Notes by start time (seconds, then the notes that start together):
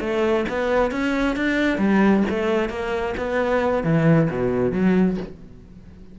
0.00 A3
0.49 B3
0.91 C#4
1.36 D4
1.78 G3
2.30 A3
2.69 A#3
3.17 B3
3.84 E3
4.30 B2
4.72 F#3